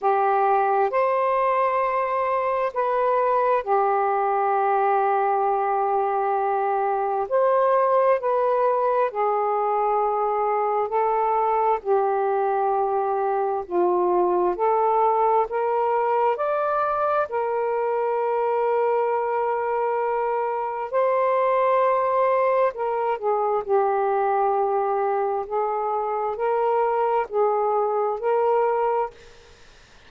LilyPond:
\new Staff \with { instrumentName = "saxophone" } { \time 4/4 \tempo 4 = 66 g'4 c''2 b'4 | g'1 | c''4 b'4 gis'2 | a'4 g'2 f'4 |
a'4 ais'4 d''4 ais'4~ | ais'2. c''4~ | c''4 ais'8 gis'8 g'2 | gis'4 ais'4 gis'4 ais'4 | }